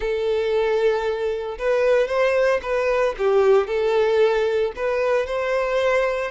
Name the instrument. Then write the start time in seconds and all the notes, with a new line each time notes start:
violin
0.00 A4
1.58 B4
2.07 C5
2.62 B4
3.18 G4
3.67 A4
4.75 B4
5.26 C5